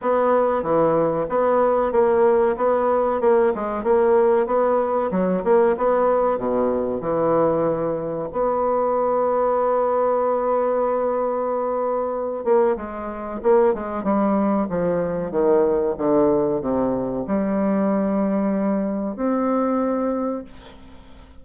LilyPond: \new Staff \with { instrumentName = "bassoon" } { \time 4/4 \tempo 4 = 94 b4 e4 b4 ais4 | b4 ais8 gis8 ais4 b4 | fis8 ais8 b4 b,4 e4~ | e4 b2.~ |
b2.~ b8 ais8 | gis4 ais8 gis8 g4 f4 | dis4 d4 c4 g4~ | g2 c'2 | }